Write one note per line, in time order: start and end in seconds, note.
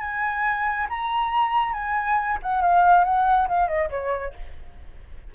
0.00 0.87 G#5
0.89 1.73 A#5
1.73 2.38 G#5
2.42 2.61 F#5
2.61 3.04 F5
3.04 3.47 F#5
3.48 3.67 F5
3.67 3.89 D#5
3.90 4.33 C#5